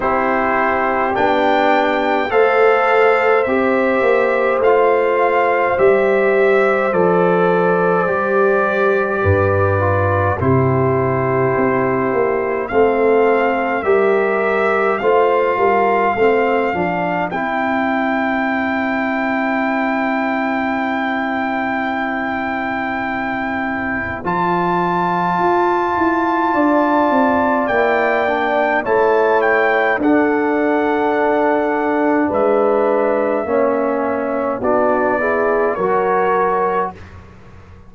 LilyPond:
<<
  \new Staff \with { instrumentName = "trumpet" } { \time 4/4 \tempo 4 = 52 c''4 g''4 f''4 e''4 | f''4 e''4 d''2~ | d''4 c''2 f''4 | e''4 f''2 g''4~ |
g''1~ | g''4 a''2. | g''4 a''8 g''8 fis''2 | e''2 d''4 cis''4 | }
  \new Staff \with { instrumentName = "horn" } { \time 4/4 g'2 c''2~ | c''1 | b'4 g'2 a'4 | ais'4 c''8 ais'8 c''2~ |
c''1~ | c''2. d''4~ | d''4 cis''4 a'2 | b'4 cis''4 fis'8 gis'8 ais'4 | }
  \new Staff \with { instrumentName = "trombone" } { \time 4/4 e'4 d'4 a'4 g'4 | f'4 g'4 a'4 g'4~ | g'8 f'8 e'2 c'4 | g'4 f'4 c'8 d'8 e'4~ |
e'1~ | e'4 f'2. | e'8 d'8 e'4 d'2~ | d'4 cis'4 d'8 e'8 fis'4 | }
  \new Staff \with { instrumentName = "tuba" } { \time 4/4 c'4 b4 a4 c'8 ais8 | a4 g4 f4 g4 | g,4 c4 c'8 ais8 a4 | g4 a8 g8 a8 f8 c'4~ |
c'1~ | c'4 f4 f'8 e'8 d'8 c'8 | ais4 a4 d'2 | gis4 ais4 b4 fis4 | }
>>